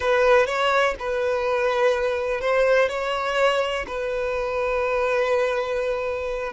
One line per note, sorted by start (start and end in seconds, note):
0.00 0.46 B4
0.46 0.94 C#5
0.99 2.40 B4
2.40 2.88 C5
2.88 3.85 C#5
3.87 6.53 B4